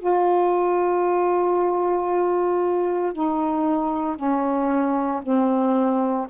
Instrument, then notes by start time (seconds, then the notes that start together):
saxophone
0.00 F4
3.13 D#4
4.17 C#4
5.22 C4